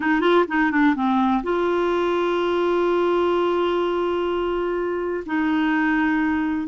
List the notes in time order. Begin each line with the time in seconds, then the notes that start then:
0.00 D#4
0.20 F4
0.48 D#4
0.71 D4
0.95 C4
1.43 F4
5.26 D#4